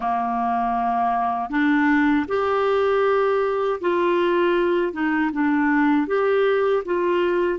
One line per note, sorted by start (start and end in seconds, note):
0.00 1.50 A#3
1.50 2.26 D4
2.28 3.80 G4
3.80 4.92 F4
4.92 5.30 D#4
5.32 6.07 D4
6.07 6.83 G4
6.85 7.59 F4